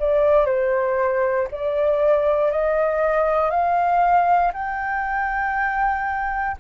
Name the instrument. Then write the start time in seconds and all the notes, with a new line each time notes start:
flute
0.00 D5
0.46 C5
1.52 D5
2.52 D#5
3.50 F5
4.53 G5